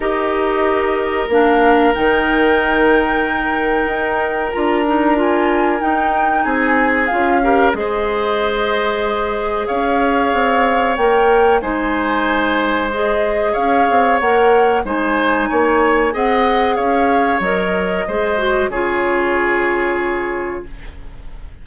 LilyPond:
<<
  \new Staff \with { instrumentName = "flute" } { \time 4/4 \tempo 4 = 93 dis''2 f''4 g''4~ | g''2. ais''4 | gis''4 g''4 gis''4 f''4 | dis''2. f''4~ |
f''4 g''4 gis''2 | dis''4 f''4 fis''4 gis''4~ | gis''4 fis''4 f''4 dis''4~ | dis''4 cis''2. | }
  \new Staff \with { instrumentName = "oboe" } { \time 4/4 ais'1~ | ais'1~ | ais'2 gis'4. ais'8 | c''2. cis''4~ |
cis''2 c''2~ | c''4 cis''2 c''4 | cis''4 dis''4 cis''2 | c''4 gis'2. | }
  \new Staff \with { instrumentName = "clarinet" } { \time 4/4 g'2 d'4 dis'4~ | dis'2. f'8 dis'8 | f'4 dis'2 f'8 g'8 | gis'1~ |
gis'4 ais'4 dis'2 | gis'2 ais'4 dis'4~ | dis'4 gis'2 ais'4 | gis'8 fis'8 f'2. | }
  \new Staff \with { instrumentName = "bassoon" } { \time 4/4 dis'2 ais4 dis4~ | dis2 dis'4 d'4~ | d'4 dis'4 c'4 cis'4 | gis2. cis'4 |
c'4 ais4 gis2~ | gis4 cis'8 c'8 ais4 gis4 | ais4 c'4 cis'4 fis4 | gis4 cis2. | }
>>